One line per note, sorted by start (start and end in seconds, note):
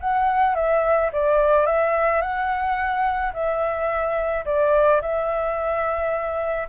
0.00 0.55 F#5
0.55 1.11 E5
1.12 1.66 D5
1.66 2.21 E5
2.21 3.32 F#5
3.33 4.44 E5
4.45 5.01 D5
5.01 6.68 E5